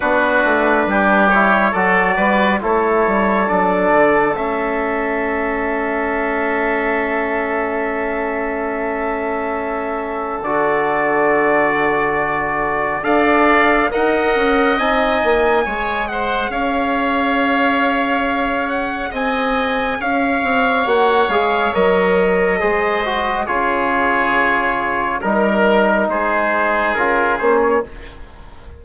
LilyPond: <<
  \new Staff \with { instrumentName = "trumpet" } { \time 4/4 \tempo 4 = 69 b'4. cis''8 d''4 cis''4 | d''4 e''2.~ | e''1 | d''2. f''4 |
fis''4 gis''4. fis''8 f''4~ | f''4. fis''8 gis''4 f''4 | fis''8 f''8 dis''2 cis''4~ | cis''4 ais'4 c''4 ais'8 c''16 cis''16 | }
  \new Staff \with { instrumentName = "oboe" } { \time 4/4 fis'4 g'4 a'8 b'8 a'4~ | a'1~ | a'1~ | a'2. d''4 |
dis''2 cis''8 c''8 cis''4~ | cis''2 dis''4 cis''4~ | cis''2 c''4 gis'4~ | gis'4 ais'4 gis'2 | }
  \new Staff \with { instrumentName = "trombone" } { \time 4/4 d'4. e'8 fis'4 e'4 | d'4 cis'2.~ | cis'1 | fis'2. a'4 |
ais'4 dis'4 gis'2~ | gis'1 | fis'8 gis'8 ais'4 gis'8 fis'8 f'4~ | f'4 dis'2 f'8 cis'8 | }
  \new Staff \with { instrumentName = "bassoon" } { \time 4/4 b8 a8 g4 fis8 g8 a8 g8 | fis8 d8 a2.~ | a1 | d2. d'4 |
dis'8 cis'8 c'8 ais8 gis4 cis'4~ | cis'2 c'4 cis'8 c'8 | ais8 gis8 fis4 gis4 cis4~ | cis4 g4 gis4 cis8 ais8 | }
>>